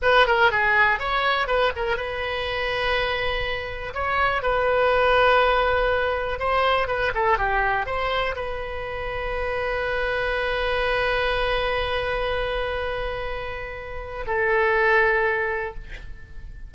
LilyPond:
\new Staff \with { instrumentName = "oboe" } { \time 4/4 \tempo 4 = 122 b'8 ais'8 gis'4 cis''4 b'8 ais'8 | b'1 | cis''4 b'2.~ | b'4 c''4 b'8 a'8 g'4 |
c''4 b'2.~ | b'1~ | b'1~ | b'4 a'2. | }